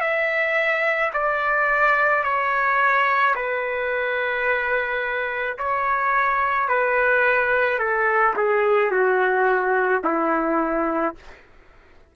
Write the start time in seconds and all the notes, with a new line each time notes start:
0.00 E5
1.13 D5
2.23 C#5
3.35 B4
5.58 C#5
6.68 B4
7.78 A4
8.36 G#4
8.91 F#4
10.04 E4